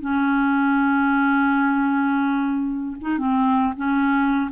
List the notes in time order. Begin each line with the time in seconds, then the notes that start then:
0.00 C#4
3.01 D#4
3.18 C4
3.76 C#4